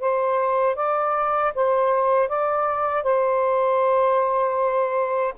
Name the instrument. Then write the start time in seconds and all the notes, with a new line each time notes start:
saxophone
0.00 C5
0.76 D5
1.55 C5
2.28 D5
3.03 C5